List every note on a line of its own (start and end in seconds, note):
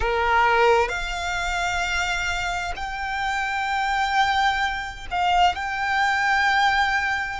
0.00 0.89 A#4
0.89 2.73 F5
2.76 5.06 G5
5.11 5.55 F5
5.55 7.39 G5